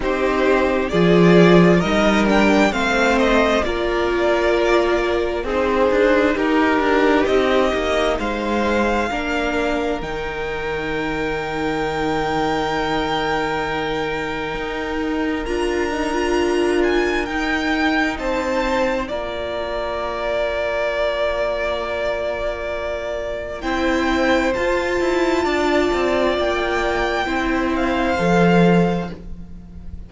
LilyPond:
<<
  \new Staff \with { instrumentName = "violin" } { \time 4/4 \tempo 4 = 66 c''4 d''4 dis''8 g''8 f''8 dis''8 | d''2 c''4 ais'4 | dis''4 f''2 g''4~ | g''1~ |
g''4 ais''4. gis''8 g''4 | a''4 ais''2.~ | ais''2 g''4 a''4~ | a''4 g''4. f''4. | }
  \new Staff \with { instrumentName = "violin" } { \time 4/4 g'4 gis'4 ais'4 c''4 | ais'2 gis'4 g'4~ | g'4 c''4 ais'2~ | ais'1~ |
ais'1 | c''4 d''2.~ | d''2 c''2 | d''2 c''2 | }
  \new Staff \with { instrumentName = "viola" } { \time 4/4 dis'4 f'4 dis'8 d'8 c'4 | f'2 dis'2~ | dis'2 d'4 dis'4~ | dis'1~ |
dis'4 f'8 dis'16 f'4~ f'16 dis'4~ | dis'4 f'2.~ | f'2 e'4 f'4~ | f'2 e'4 a'4 | }
  \new Staff \with { instrumentName = "cello" } { \time 4/4 c'4 f4 g4 a4 | ais2 c'8 d'8 dis'8 d'8 | c'8 ais8 gis4 ais4 dis4~ | dis1 |
dis'4 d'2 dis'4 | c'4 ais2.~ | ais2 c'4 f'8 e'8 | d'8 c'8 ais4 c'4 f4 | }
>>